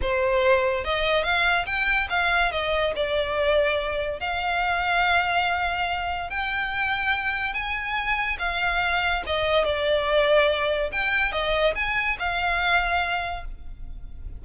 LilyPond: \new Staff \with { instrumentName = "violin" } { \time 4/4 \tempo 4 = 143 c''2 dis''4 f''4 | g''4 f''4 dis''4 d''4~ | d''2 f''2~ | f''2. g''4~ |
g''2 gis''2 | f''2 dis''4 d''4~ | d''2 g''4 dis''4 | gis''4 f''2. | }